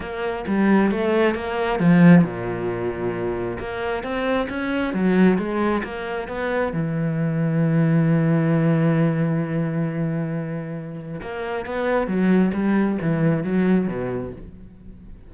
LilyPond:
\new Staff \with { instrumentName = "cello" } { \time 4/4 \tempo 4 = 134 ais4 g4 a4 ais4 | f4 ais,2. | ais4 c'4 cis'4 fis4 | gis4 ais4 b4 e4~ |
e1~ | e1~ | e4 ais4 b4 fis4 | g4 e4 fis4 b,4 | }